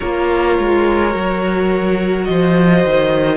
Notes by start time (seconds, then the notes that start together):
0.00 A#3 F4 A#4 C#5
0.58 G#3
1.11 F#3 F#4
2.25 F3 C5 D#5
2.85 D#3